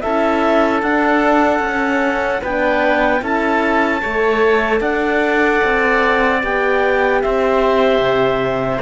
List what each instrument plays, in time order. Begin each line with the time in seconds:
0.00 cello C#4, horn E4, oboe A4, clarinet E5
0.82 cello D4, horn D4, clarinet F#5
1.59 cello C#4, horn C#4
2.42 cello B3, horn D4, oboe B4, clarinet G5
3.21 cello C#4, horn E4, oboe A4, clarinet A5
4.01 cello A3, horn A4, oboe C#5
4.80 cello D4, oboe D5, clarinet F#5
5.64 cello C4
6.41 cello B3, horn G4, clarinet G5
7.22 cello C4, oboe C5, clarinet E5
7.98 cello C3